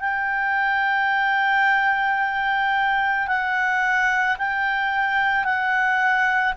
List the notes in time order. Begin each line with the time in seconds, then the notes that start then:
0.00 G5
3.27 F#5
4.38 G5
5.44 F#5